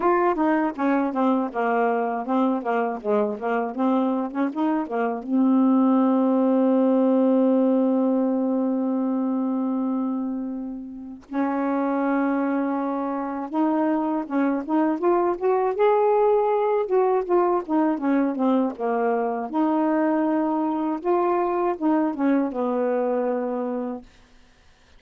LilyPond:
\new Staff \with { instrumentName = "saxophone" } { \time 4/4 \tempo 4 = 80 f'8 dis'8 cis'8 c'8 ais4 c'8 ais8 | gis8 ais8 c'8. cis'16 dis'8 ais8 c'4~ | c'1~ | c'2. cis'4~ |
cis'2 dis'4 cis'8 dis'8 | f'8 fis'8 gis'4. fis'8 f'8 dis'8 | cis'8 c'8 ais4 dis'2 | f'4 dis'8 cis'8 b2 | }